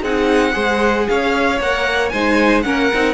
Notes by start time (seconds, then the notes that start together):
0.00 C4 D#4 G#4 F#5
0.52 G#3 G#4 C5
1.08 C#4 C#5 F5
1.60 A#3 A#4 F#5
2.09 G#3 D#4 C5 G#5
2.62 A#3 C#4 A#4 F#5
2.93 C4 D#4